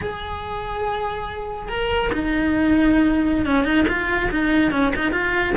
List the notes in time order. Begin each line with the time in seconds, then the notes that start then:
0.01 G#4
1.68 A#4
2.12 D#4
3.45 C#4
3.64 D#4
3.88 F4
4.30 D#4
4.71 C#4
4.95 D#4
5.12 F4